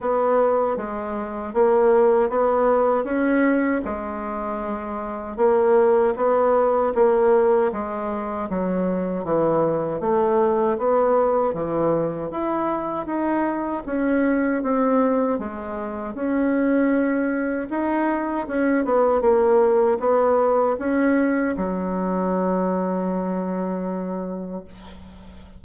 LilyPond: \new Staff \with { instrumentName = "bassoon" } { \time 4/4 \tempo 4 = 78 b4 gis4 ais4 b4 | cis'4 gis2 ais4 | b4 ais4 gis4 fis4 | e4 a4 b4 e4 |
e'4 dis'4 cis'4 c'4 | gis4 cis'2 dis'4 | cis'8 b8 ais4 b4 cis'4 | fis1 | }